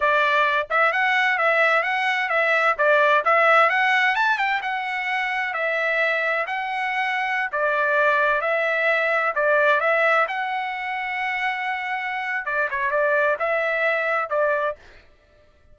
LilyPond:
\new Staff \with { instrumentName = "trumpet" } { \time 4/4 \tempo 4 = 130 d''4. e''8 fis''4 e''4 | fis''4 e''4 d''4 e''4 | fis''4 a''8 g''8 fis''2 | e''2 fis''2~ |
fis''16 d''2 e''4.~ e''16~ | e''16 d''4 e''4 fis''4.~ fis''16~ | fis''2. d''8 cis''8 | d''4 e''2 d''4 | }